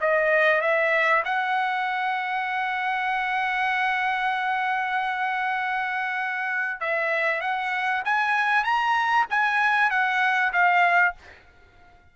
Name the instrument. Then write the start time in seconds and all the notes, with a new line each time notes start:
trumpet
0.00 D#5
0.61 E5
1.25 F#5
6.80 E5
7.41 F#5
8.04 G#5
8.64 A#5
9.30 G#5
9.90 F#5
10.52 F5